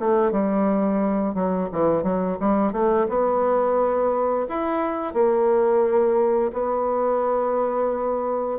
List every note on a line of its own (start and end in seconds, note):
0.00 0.32 A3
0.32 1.35 G3
1.35 1.69 F#3
1.73 2.04 E3
2.04 2.38 F#3
2.40 2.73 G3
2.73 3.07 A3
3.09 4.47 B3
4.50 5.14 E4
5.14 6.52 A#3
6.53 8.60 B3